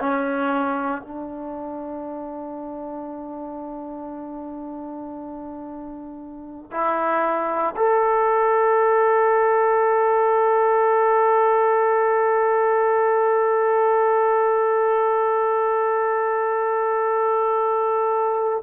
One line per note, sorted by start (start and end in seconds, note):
0.00 1.02 C#4
1.02 6.71 D4
6.71 7.75 E4
7.76 18.63 A4